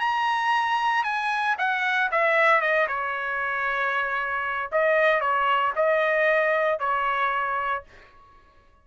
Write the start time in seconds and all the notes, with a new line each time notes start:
0.00 A#5
1.04 G#5
1.58 F#5
2.12 E5
2.61 D#5
2.88 C#5
4.72 D#5
5.21 C#5
5.76 D#5
6.80 C#5